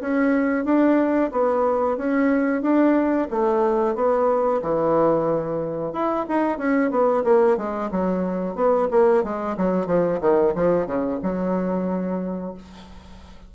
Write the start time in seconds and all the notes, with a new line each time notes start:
0.00 C#4
0.64 D4
1.31 B3
1.97 C#4
2.61 D4
3.30 A3
3.95 B3
4.62 E3
5.92 E4
6.28 D#4
6.58 C#4
6.90 B3
7.24 A#3
7.57 G#3
7.91 F#3
8.54 B3
8.90 A#3
9.23 G#3
9.57 F#3
9.86 F3
10.20 D#3
10.54 F3
10.86 C#3
11.22 F#3